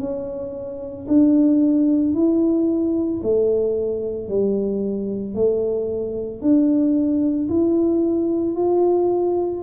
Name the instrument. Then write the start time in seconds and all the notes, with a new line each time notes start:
tuba
0.00 C#4
1.08 D4
2.14 E4
3.23 A3
4.29 G3
5.35 A3
6.41 D4
7.49 E4
8.56 F4